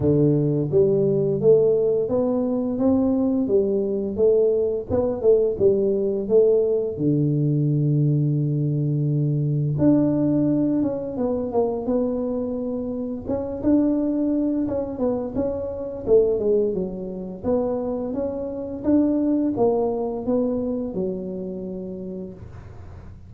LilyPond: \new Staff \with { instrumentName = "tuba" } { \time 4/4 \tempo 4 = 86 d4 g4 a4 b4 | c'4 g4 a4 b8 a8 | g4 a4 d2~ | d2 d'4. cis'8 |
b8 ais8 b2 cis'8 d'8~ | d'4 cis'8 b8 cis'4 a8 gis8 | fis4 b4 cis'4 d'4 | ais4 b4 fis2 | }